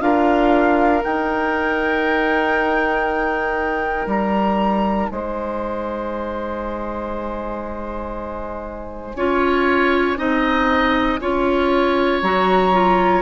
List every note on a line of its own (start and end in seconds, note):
0.00 1.02 D4
0.00 1.01 F4
0.00 5.11 A#4
0.00 1.02 F5
1.01 9.15 D#4
1.01 4.06 D#4
1.01 4.08 G5
4.06 5.08 G3
4.06 5.09 A#5
5.09 9.15 G#3
5.09 9.16 C5
5.09 12.21 G#5
9.15 10.16 C#4
9.15 10.16 F4
9.15 10.18 C#5
10.16 11.20 C4
10.16 11.18 D#4
10.16 11.20 D#5
11.20 12.22 C#4
11.20 12.22 F4
11.20 13.22 C#5
12.22 13.22 F#3
12.22 12.72 F#4
12.22 13.22 A#5
12.72 13.22 F4